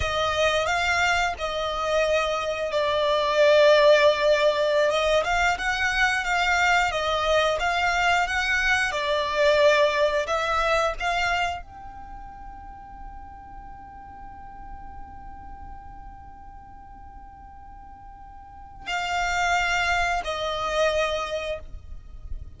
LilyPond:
\new Staff \with { instrumentName = "violin" } { \time 4/4 \tempo 4 = 89 dis''4 f''4 dis''2 | d''2.~ d''16 dis''8 f''16~ | f''16 fis''4 f''4 dis''4 f''8.~ | f''16 fis''4 d''2 e''8.~ |
e''16 f''4 g''2~ g''8.~ | g''1~ | g''1 | f''2 dis''2 | }